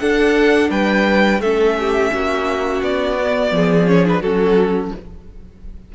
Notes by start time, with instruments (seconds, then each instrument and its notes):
0.00 viola D4, cello D4, violin A4 F#5
0.71 cello G3, violin B4 G5
1.40 cello A3, viola C#4, violin A4 E5
1.80 violin G4
2.14 cello A#3, violin F#4
2.82 cello B3, violin D5
3.18 viola B3
3.51 cello F3, violin G#4
3.88 viola C#4, violin C#5
4.05 viola D4, violin B4
4.21 cello F#3, viola C#4, violin F#4 A4